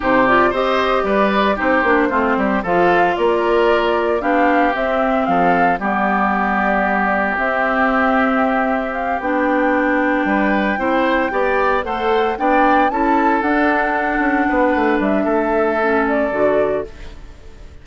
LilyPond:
<<
  \new Staff \with { instrumentName = "flute" } { \time 4/4 \tempo 4 = 114 c''8 d''8 dis''4 d''4 c''4~ | c''4 f''4 d''2 | f''4 e''4 f''4 d''4~ | d''2 e''2~ |
e''4 f''8 g''2~ g''8~ | g''2~ g''8 fis''4 g''8~ | g''8 a''4 fis''2~ fis''8~ | fis''8 e''2 d''4. | }
  \new Staff \with { instrumentName = "oboe" } { \time 4/4 g'4 c''4 b'4 g'4 | f'8 g'8 a'4 ais'2 | g'2 a'4 g'4~ | g'1~ |
g'2.~ g'8 b'8~ | b'8 c''4 d''4 c''4 d''8~ | d''8 a'2. b'8~ | b'4 a'2. | }
  \new Staff \with { instrumentName = "clarinet" } { \time 4/4 dis'8 f'8 g'2 dis'8 d'8 | c'4 f'2. | d'4 c'2 b4~ | b2 c'2~ |
c'4. d'2~ d'8~ | d'8 e'4 g'4 a'4 d'8~ | d'8 e'4 d'2~ d'8~ | d'2 cis'4 fis'4 | }
  \new Staff \with { instrumentName = "bassoon" } { \time 4/4 c4 c'4 g4 c'8 ais8 | a8 g8 f4 ais2 | b4 c'4 f4 g4~ | g2 c'2~ |
c'4. b2 g8~ | g8 c'4 b4 a4 b8~ | b8 cis'4 d'4. cis'8 b8 | a8 g8 a2 d4 | }
>>